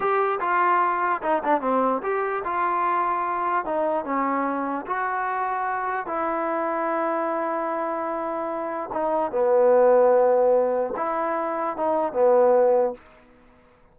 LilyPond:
\new Staff \with { instrumentName = "trombone" } { \time 4/4 \tempo 4 = 148 g'4 f'2 dis'8 d'8 | c'4 g'4 f'2~ | f'4 dis'4 cis'2 | fis'2. e'4~ |
e'1~ | e'2 dis'4 b4~ | b2. e'4~ | e'4 dis'4 b2 | }